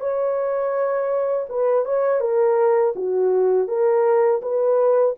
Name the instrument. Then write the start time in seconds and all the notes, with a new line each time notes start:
horn
0.00 C#5
1.49 B4
1.85 C#5
2.21 A#4
2.96 F#4
3.68 A#4
4.42 B4